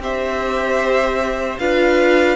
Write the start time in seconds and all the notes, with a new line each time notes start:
0.00 C4 G4 C5 E5
1.59 D4 F4 B4 F5